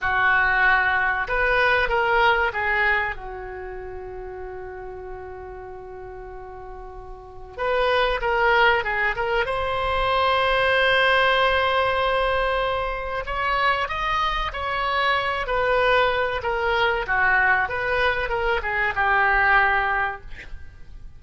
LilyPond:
\new Staff \with { instrumentName = "oboe" } { \time 4/4 \tempo 4 = 95 fis'2 b'4 ais'4 | gis'4 fis'2.~ | fis'1 | b'4 ais'4 gis'8 ais'8 c''4~ |
c''1~ | c''4 cis''4 dis''4 cis''4~ | cis''8 b'4. ais'4 fis'4 | b'4 ais'8 gis'8 g'2 | }